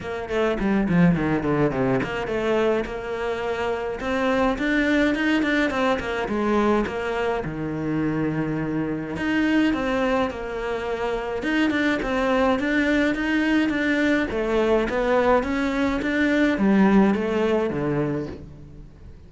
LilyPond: \new Staff \with { instrumentName = "cello" } { \time 4/4 \tempo 4 = 105 ais8 a8 g8 f8 dis8 d8 c8 ais8 | a4 ais2 c'4 | d'4 dis'8 d'8 c'8 ais8 gis4 | ais4 dis2. |
dis'4 c'4 ais2 | dis'8 d'8 c'4 d'4 dis'4 | d'4 a4 b4 cis'4 | d'4 g4 a4 d4 | }